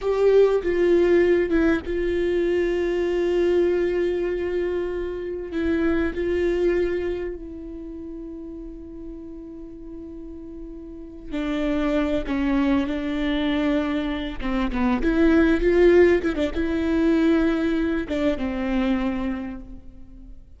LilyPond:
\new Staff \with { instrumentName = "viola" } { \time 4/4 \tempo 4 = 98 g'4 f'4. e'8 f'4~ | f'1~ | f'4 e'4 f'2 | e'1~ |
e'2~ e'8 d'4. | cis'4 d'2~ d'8 c'8 | b8 e'4 f'4 e'16 d'16 e'4~ | e'4. d'8 c'2 | }